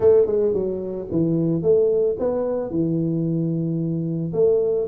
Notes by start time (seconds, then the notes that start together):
0.00 A3
0.26 G#3
0.53 F#3
1.11 E3
1.62 A3
2.19 B3
2.70 E3
4.33 A3